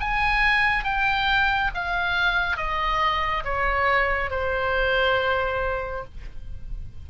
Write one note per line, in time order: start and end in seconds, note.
0.00 0.84 G#5
0.84 1.71 G5
1.74 2.57 F5
2.57 3.44 D#5
3.44 4.31 C#5
4.31 6.05 C5